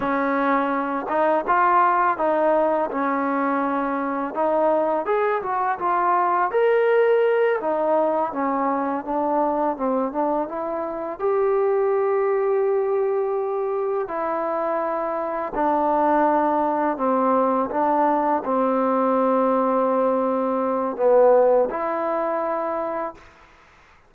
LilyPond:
\new Staff \with { instrumentName = "trombone" } { \time 4/4 \tempo 4 = 83 cis'4. dis'8 f'4 dis'4 | cis'2 dis'4 gis'8 fis'8 | f'4 ais'4. dis'4 cis'8~ | cis'8 d'4 c'8 d'8 e'4 g'8~ |
g'2.~ g'8 e'8~ | e'4. d'2 c'8~ | c'8 d'4 c'2~ c'8~ | c'4 b4 e'2 | }